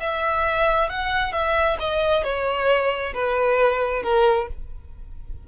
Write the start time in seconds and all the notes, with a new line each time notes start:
0.00 E5
0.89 F#5
1.32 E5
1.80 D#5
2.23 C#5
3.14 B4
4.03 A#4